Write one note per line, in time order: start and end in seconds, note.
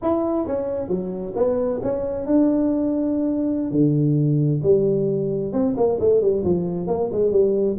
0.02 0.46 E4
0.46 0.88 C#4
0.88 1.33 F#3
1.35 1.80 B3
1.82 2.26 C#4
2.26 3.71 D4
3.71 4.61 D3
4.62 5.52 G3
5.52 5.75 C4
5.76 5.99 A#3
5.99 6.21 A3
6.21 6.43 G3
6.43 6.87 F3
6.87 7.09 A#3
7.12 7.31 G#3
7.31 7.77 G3